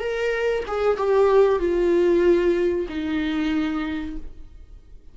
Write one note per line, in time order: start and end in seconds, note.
0.00 0.64 A#4
0.67 0.97 G#4
0.97 1.60 G4
1.60 2.87 F4
2.89 4.17 D#4